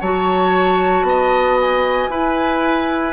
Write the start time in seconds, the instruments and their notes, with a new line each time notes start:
0.00 bassoon F#3, clarinet F#4, oboe C#5, flute A5
1.02 bassoon B3, oboe D#5
1.60 flute G#5
2.08 bassoon E4, clarinet E4, oboe B4